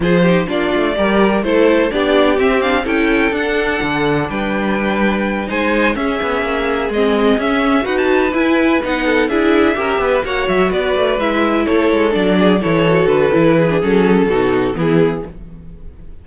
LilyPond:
<<
  \new Staff \with { instrumentName = "violin" } { \time 4/4 \tempo 4 = 126 c''4 d''2 c''4 | d''4 e''8 f''8 g''4 fis''4~ | fis''4 g''2~ g''8 gis''8~ | gis''8 e''2 dis''4 e''8~ |
e''8 fis''16 a''8. gis''4 fis''4 e''8~ | e''4. fis''8 e''8 d''4 e''8~ | e''8 cis''4 d''4 cis''4 b'8~ | b'4 a'2 gis'4 | }
  \new Staff \with { instrumentName = "violin" } { \time 4/4 gis'8 g'8 f'4 ais'4 a'4 | g'2 a'2~ | a'4 b'2~ b'8 c''8~ | c''8 gis'2.~ gis'8~ |
gis'8 b'2~ b'8 a'8 gis'8~ | gis'8 ais'8 b'8 cis''4 b'4.~ | b'8 a'4. gis'8 a'4.~ | a'8 gis'4. fis'4 e'4 | }
  \new Staff \with { instrumentName = "viola" } { \time 4/4 f'8 dis'8 d'4 g'4 e'4 | d'4 c'8 d'8 e'4 d'4~ | d'2.~ d'8 dis'8~ | dis'8 cis'2 c'4 cis'8~ |
cis'8 fis'4 e'4 dis'4 e'8~ | e'8 g'4 fis'2 e'8~ | e'4. d'4 e'8 fis'4 | e'8. d'16 cis'4 dis'4 b4 | }
  \new Staff \with { instrumentName = "cello" } { \time 4/4 f4 ais8 a8 g4 a4 | b4 c'4 cis'4 d'4 | d4 g2~ g8 gis8~ | gis8 cis'8 b8 ais4 gis4 cis'8~ |
cis'8 dis'4 e'4 b4 d'8~ | d'8 cis'8 b8 ais8 fis8 b8 a8 gis8~ | gis8 a8 gis8 fis4 e4 d8 | e4 fis4 b,4 e4 | }
>>